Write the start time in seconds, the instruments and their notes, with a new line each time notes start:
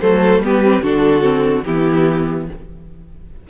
0.00 cello F#3, viola A3, violin A4 C5
0.39 cello G3, viola B3, violin G4
0.46 violin B4
0.63 viola C4
0.82 cello D3, viola D4, violin F#4 A4
1.21 viola C4
1.64 cello E3, viola B3, violin E4 G4